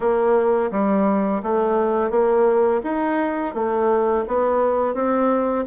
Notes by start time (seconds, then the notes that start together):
0.00 A#3
0.71 G3
1.42 A3
2.10 A#3
2.83 D#4
3.54 A3
4.27 B3
4.94 C4